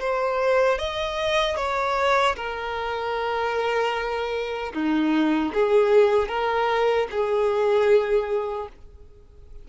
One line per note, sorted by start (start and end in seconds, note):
0.00 0.78 C5
0.78 1.56 D#5
1.56 2.35 C#5
2.36 4.73 A#4
4.74 5.53 D#4
5.54 6.29 G#4
6.29 7.08 A#4
7.11 8.69 G#4